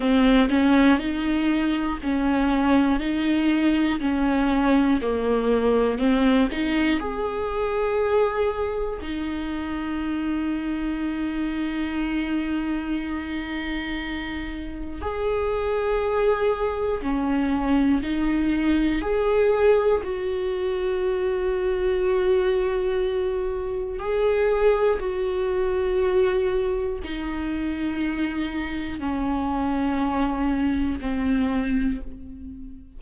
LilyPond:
\new Staff \with { instrumentName = "viola" } { \time 4/4 \tempo 4 = 60 c'8 cis'8 dis'4 cis'4 dis'4 | cis'4 ais4 c'8 dis'8 gis'4~ | gis'4 dis'2.~ | dis'2. gis'4~ |
gis'4 cis'4 dis'4 gis'4 | fis'1 | gis'4 fis'2 dis'4~ | dis'4 cis'2 c'4 | }